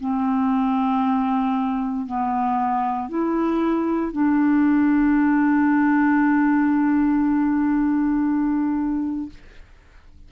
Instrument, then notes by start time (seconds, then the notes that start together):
clarinet
0.00 C4
2.06 B3
3.09 E4
4.12 D4